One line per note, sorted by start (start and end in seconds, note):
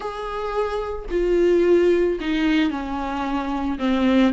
0.00 1.05 G#4
1.10 2.18 F4
2.20 2.70 D#4
2.70 3.78 C#4
3.78 4.32 C4